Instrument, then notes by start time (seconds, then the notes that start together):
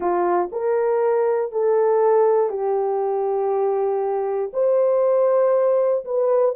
horn
0.00 F4
0.52 A#4
1.52 A4
2.49 G4
4.53 C5
6.04 B4